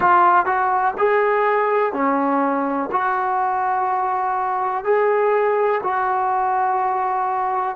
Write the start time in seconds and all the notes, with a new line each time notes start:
0.00 F4
0.45 F#4
0.98 G#4
1.92 C#4
2.91 F#4
4.84 G#4
5.83 F#4